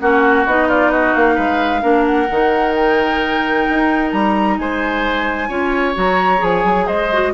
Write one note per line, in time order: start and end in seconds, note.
0.00 0.46 A#3
0.00 0.46 C#4
0.00 0.68 F#4
0.00 0.46 F#5
0.46 1.15 B3
0.46 1.81 D#4
0.46 0.69 D#5
0.68 0.91 F4
0.68 0.92 D5
0.91 1.35 F#4
0.91 1.15 D#5
1.15 1.38 A#3
1.15 2.06 F5
1.35 1.83 G#3
1.35 1.81 B4
1.81 2.29 A#3
1.81 2.27 D4
1.81 4.57 A#4
2.06 2.75 F#5
2.30 3.68 D#3
2.30 5.50 D#4
2.75 4.12 G5
3.70 4.13 D#4
4.12 4.58 G3
4.12 4.58 A#5
4.58 5.49 G#3
4.58 5.49 C5
4.58 5.96 G#5
5.49 5.95 C#4
5.49 5.94 F4
5.49 6.86 C#5
5.94 6.42 F#3
5.94 6.38 F#4
5.94 6.44 A#5
6.38 6.64 F3
6.38 7.07 G#4
6.38 6.87 G#5
6.64 6.87 F#3
6.87 7.33 G#3
6.87 7.32 C5
6.87 7.33 D#5
7.13 7.33 F#4